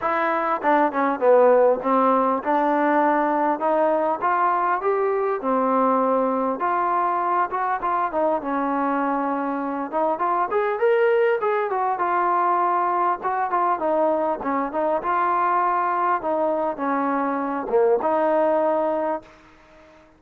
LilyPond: \new Staff \with { instrumentName = "trombone" } { \time 4/4 \tempo 4 = 100 e'4 d'8 cis'8 b4 c'4 | d'2 dis'4 f'4 | g'4 c'2 f'4~ | f'8 fis'8 f'8 dis'8 cis'2~ |
cis'8 dis'8 f'8 gis'8 ais'4 gis'8 fis'8 | f'2 fis'8 f'8 dis'4 | cis'8 dis'8 f'2 dis'4 | cis'4. ais8 dis'2 | }